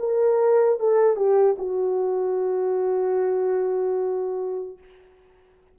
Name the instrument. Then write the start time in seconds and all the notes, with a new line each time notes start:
horn
0.00 A#4
0.80 A4
1.16 G4
1.59 F#4